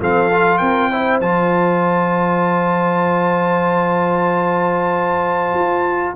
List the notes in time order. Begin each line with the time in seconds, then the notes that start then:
0.00 F3 C4 A4 F5
0.32 F4
0.58 C4 A#4 G5
0.90 E4 C5
1.20 F3 F4 A5
5.54 F4